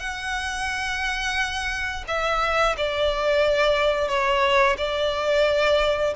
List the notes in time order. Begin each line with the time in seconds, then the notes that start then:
0.00 F#5
2.08 E5
2.77 D5
4.08 C#5
4.78 D5